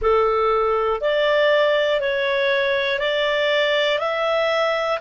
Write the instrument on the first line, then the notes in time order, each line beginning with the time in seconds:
clarinet
0.01 A4
1.00 D5
2.00 C#5
2.99 D5
3.99 E5